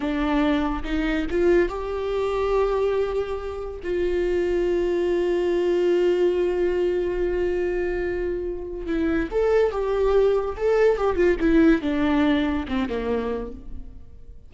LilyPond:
\new Staff \with { instrumentName = "viola" } { \time 4/4 \tempo 4 = 142 d'2 dis'4 f'4 | g'1~ | g'4 f'2.~ | f'1~ |
f'1~ | f'4 e'4 a'4 g'4~ | g'4 a'4 g'8 f'8 e'4 | d'2 c'8 ais4. | }